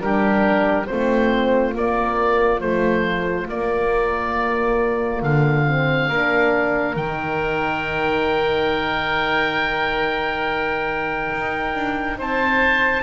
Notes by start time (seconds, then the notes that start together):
0.00 G3 D4 G4 A#4
0.86 A3 C4 F4 C5
1.73 A#3 D5
2.60 F3 A3 C5
3.48 A#3 D5
5.22 D3 F5
5.67 C4
6.08 A#3 D4 A#4
6.96 D#3 D#4 G5
11.32 D#4
11.74 D4
12.18 C4 C5 A5